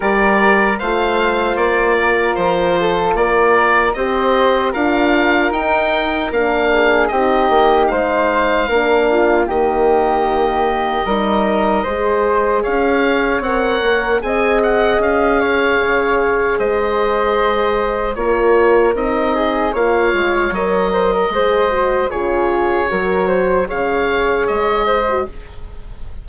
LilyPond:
<<
  \new Staff \with { instrumentName = "oboe" } { \time 4/4 \tempo 4 = 76 d''4 f''4 d''4 c''4 | d''4 dis''4 f''4 g''4 | f''4 dis''4 f''2 | dis''1 |
f''4 fis''4 gis''8 fis''8 f''4~ | f''4 dis''2 cis''4 | dis''4 f''4 dis''2 | cis''2 f''4 dis''4 | }
  \new Staff \with { instrumentName = "flute" } { \time 4/4 ais'4 c''4. ais'4 a'8 | ais'4 c''4 ais'2~ | ais'8 gis'8 g'4 c''4 ais'8 f'8 | g'2 ais'4 c''4 |
cis''2 dis''4. cis''8~ | cis''4 c''2 ais'4~ | ais'8 gis'8 cis''4. c''16 ais'16 c''4 | gis'4 ais'8 c''8 cis''4. c''8 | }
  \new Staff \with { instrumentName = "horn" } { \time 4/4 g'4 f'2.~ | f'4 g'4 f'4 dis'4 | d'4 dis'2 d'4 | ais2 dis'4 gis'4~ |
gis'4 ais'4 gis'2~ | gis'2. f'4 | dis'4 f'4 ais'4 gis'8 fis'8 | f'4 fis'4 gis'4.~ gis'16 fis'16 | }
  \new Staff \with { instrumentName = "bassoon" } { \time 4/4 g4 a4 ais4 f4 | ais4 c'4 d'4 dis'4 | ais4 c'8 ais8 gis4 ais4 | dis2 g4 gis4 |
cis'4 c'8 ais8 c'4 cis'4 | cis4 gis2 ais4 | c'4 ais8 gis8 fis4 gis4 | cis4 fis4 cis4 gis4 | }
>>